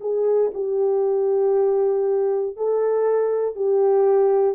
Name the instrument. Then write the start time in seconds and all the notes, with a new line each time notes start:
horn
0.00 G#4
0.54 G4
2.57 A4
3.55 G4